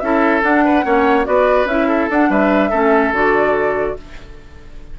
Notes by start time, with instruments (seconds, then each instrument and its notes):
0.00 bassoon C#4, clarinet E4, oboe A4, flute E5
0.42 clarinet D4, bassoon D4, flute F#5
0.65 oboe B4
0.83 bassoon A#3, clarinet C#4, oboe C#5
1.24 bassoon B3, clarinet F#4, oboe B4, flute D5
1.65 bassoon C#4, clarinet E4, flute E5
1.88 oboe A4
2.10 bassoon D4, clarinet D4, flute F#5
2.30 bassoon G3, oboe B4, flute E5
2.70 bassoon A3, clarinet C#4, oboe A4
3.12 bassoon D3, clarinet F#4, flute D5